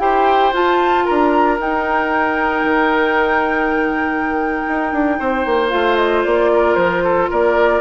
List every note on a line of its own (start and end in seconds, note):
0.00 0.53 E4
0.00 0.53 G4
0.00 1.05 C5
0.00 0.54 G5
0.53 1.60 F4
0.53 1.07 F4
0.53 1.06 A5
1.05 1.59 D4
1.05 5.17 A#4
1.05 1.59 A#5
1.59 2.64 D#4
1.59 5.70 D#4
1.59 5.70 G5
2.64 4.63 D#3
4.68 4.93 D#4
4.93 5.19 D4
5.19 5.46 C4
5.19 6.52 C5
5.46 5.72 A#3
5.70 6.26 A3
5.70 7.81 F4
5.70 5.96 F5
5.96 6.23 D#5
6.23 6.76 A#3
6.23 6.75 D5
6.53 7.04 A#4
6.75 7.29 F3
6.75 7.28 C5
7.04 7.30 A4
7.30 7.81 A#3
7.30 7.81 A#4
7.30 7.81 D5